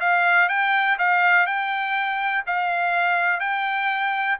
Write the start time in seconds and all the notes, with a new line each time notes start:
0.00 F5
0.49 G5
0.99 F5
1.46 G5
2.46 F5
3.40 G5